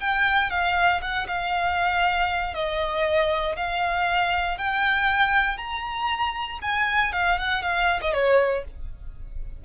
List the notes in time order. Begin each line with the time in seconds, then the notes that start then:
0.00 G5
0.50 F5
1.01 F#5
1.27 F5
2.54 D#5
3.56 F5
4.58 G5
5.57 A#5
6.61 G#5
7.13 F5
7.38 F#5
7.62 F5
8.01 D#5
8.13 C#5